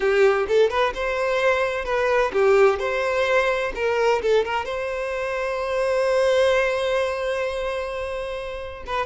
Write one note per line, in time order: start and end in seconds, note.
0.00 0.47 G4
0.48 0.70 A4
0.70 0.93 B4
0.94 1.85 C5
1.85 2.31 B4
2.33 2.79 G4
2.79 3.72 C5
3.75 4.21 A#4
4.21 4.44 A4
4.44 4.65 A#4
4.65 8.83 C5
8.86 9.06 B4